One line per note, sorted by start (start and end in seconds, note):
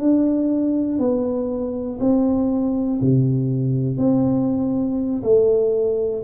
0.00 0.99 D4
0.99 1.99 B3
2.00 3.00 C4
3.01 3.98 C3
3.98 5.23 C4
5.23 6.23 A3